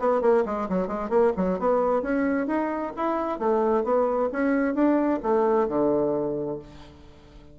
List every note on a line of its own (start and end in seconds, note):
0.00 0.22 B3
0.22 0.45 A#3
0.46 0.69 G#3
0.69 0.88 F#3
0.88 1.10 G#3
1.10 1.33 A#3
1.37 1.60 F#3
1.60 2.03 B3
2.03 2.48 C#4
2.48 2.93 D#4
2.97 3.40 E4
3.40 3.84 A3
3.84 4.30 B3
4.33 4.75 C#4
4.75 5.20 D4
5.23 5.69 A3
5.69 6.60 D3